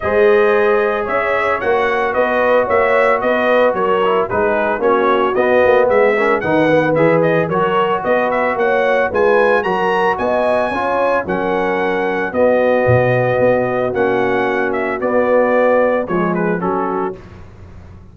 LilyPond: <<
  \new Staff \with { instrumentName = "trumpet" } { \time 4/4 \tempo 4 = 112 dis''2 e''4 fis''4 | dis''4 e''4 dis''4 cis''4 | b'4 cis''4 dis''4 e''4 | fis''4 e''8 dis''8 cis''4 dis''8 e''8 |
fis''4 gis''4 ais''4 gis''4~ | gis''4 fis''2 dis''4~ | dis''2 fis''4. e''8 | d''2 cis''8 b'8 a'4 | }
  \new Staff \with { instrumentName = "horn" } { \time 4/4 c''2 cis''2 | b'4 cis''4 b'4 ais'4 | gis'4 fis'2 gis'8 ais'8 | b'2 ais'4 b'4 |
cis''4 b'4 ais'4 dis''4 | cis''4 ais'2 fis'4~ | fis'1~ | fis'2 gis'4 fis'4 | }
  \new Staff \with { instrumentName = "trombone" } { \time 4/4 gis'2. fis'4~ | fis'2.~ fis'8 e'8 | dis'4 cis'4 b4. cis'8 | dis'8 b8 gis'4 fis'2~ |
fis'4 f'4 fis'2 | f'4 cis'2 b4~ | b2 cis'2 | b2 gis4 cis'4 | }
  \new Staff \with { instrumentName = "tuba" } { \time 4/4 gis2 cis'4 ais4 | b4 ais4 b4 fis4 | gis4 ais4 b8 ais8 gis4 | dis4 e4 fis4 b4 |
ais4 gis4 fis4 b4 | cis'4 fis2 b4 | b,4 b4 ais2 | b2 f4 fis4 | }
>>